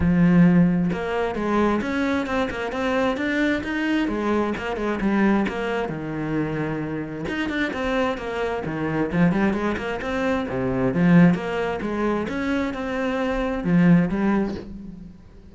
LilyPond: \new Staff \with { instrumentName = "cello" } { \time 4/4 \tempo 4 = 132 f2 ais4 gis4 | cis'4 c'8 ais8 c'4 d'4 | dis'4 gis4 ais8 gis8 g4 | ais4 dis2. |
dis'8 d'8 c'4 ais4 dis4 | f8 g8 gis8 ais8 c'4 c4 | f4 ais4 gis4 cis'4 | c'2 f4 g4 | }